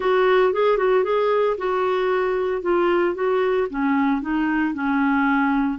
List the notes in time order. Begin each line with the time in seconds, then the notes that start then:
0.00 F#4
0.53 G#4
0.77 F#4
1.04 G#4
1.57 F#4
2.62 F4
3.14 F#4
3.70 C#4
4.21 D#4
4.74 C#4